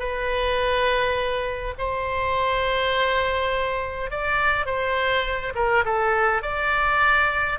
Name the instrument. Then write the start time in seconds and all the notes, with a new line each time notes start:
oboe
0.00 B4
1.79 C5
4.11 D5
4.66 C5
5.55 A#4
5.85 A4
6.43 D5